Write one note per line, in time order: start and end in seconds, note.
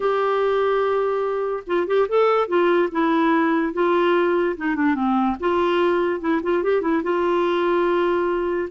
0.00 1.63 G4
1.66 1.87 F4
1.87 2.07 G4
2.08 2.48 A4
2.48 2.89 F4
2.91 3.73 E4
3.73 4.55 F4
4.56 4.75 D#4
4.75 4.94 D4
4.94 5.36 C4
5.40 6.20 F4
6.20 6.41 E4
6.43 6.63 F4
6.63 6.81 G4
6.81 7.02 E4
7.03 8.68 F4